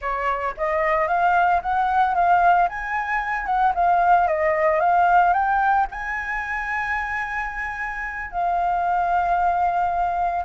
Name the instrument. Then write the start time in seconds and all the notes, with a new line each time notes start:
flute
0.01 C#5
0.57 D#5
1.07 F5
1.62 F#5
2.15 F5
2.68 G#5
3.46 F#5
3.75 F5
4.27 D#5
4.80 F5
5.33 G5
5.91 G#5
8.31 F5